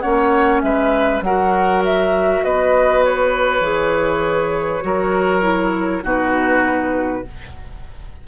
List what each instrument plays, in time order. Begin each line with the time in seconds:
0.00 bassoon A#3, clarinet C#4, oboe C#5, flute F#5
0.61 bassoon G#3, oboe B4, flute E5
1.21 bassoon F#3, clarinet F#4, oboe A#4, flute F#5
1.84 flute E5
2.44 bassoon B3, oboe B4, flute D#5
3.04 flute C#5
3.60 bassoon E3, clarinet G#4
4.81 bassoon F#3, clarinet F#4, oboe A#4
5.41 clarinet E4
6.03 bassoon B2, clarinet D#4, oboe F#4, flute B4